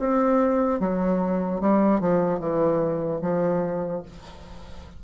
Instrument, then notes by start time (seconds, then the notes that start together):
bassoon
0.00 C4
0.80 F#3
1.61 G3
2.00 F3
2.40 E3
3.22 F3